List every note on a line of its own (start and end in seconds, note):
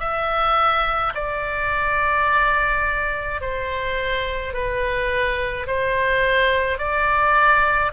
0.00 1.13 E5
1.15 3.41 D5
3.41 4.53 C5
4.53 5.67 B4
5.67 6.78 C5
6.78 7.91 D5